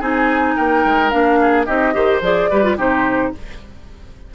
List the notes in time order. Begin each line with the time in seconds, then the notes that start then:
0.00 C4 D#4 G#4 G#5
0.56 A#3 A#4 G5
0.85 G#3
1.10 A#3 D4 F5
1.41 G#4
1.66 C4 D#4 G4 D#5
1.93 D#3 G4 C5
2.21 F3 G#4 D5
2.50 G3 G4 B4
2.64 F4
2.77 C3 D#4 G4 C5